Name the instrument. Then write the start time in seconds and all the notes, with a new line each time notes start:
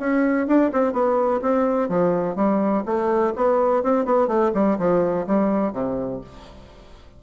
bassoon
0.00 C#4
0.47 D4
0.73 C4
0.93 B3
1.42 C4
1.89 F3
2.36 G3
2.86 A3
3.36 B3
3.83 C4
4.05 B3
4.28 A3
4.54 G3
4.79 F3
5.27 G3
5.73 C3